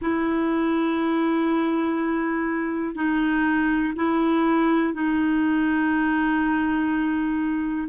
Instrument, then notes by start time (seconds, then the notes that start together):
clarinet
0.01 E4
2.95 D#4
3.96 E4
4.93 D#4